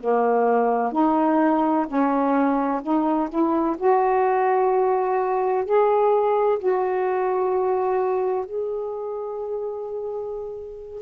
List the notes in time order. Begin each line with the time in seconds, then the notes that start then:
0.00 A#3
0.92 D#4
1.87 C#4
2.82 D#4
3.29 E4
3.78 F#4
5.65 G#4
6.59 F#4
8.45 G#4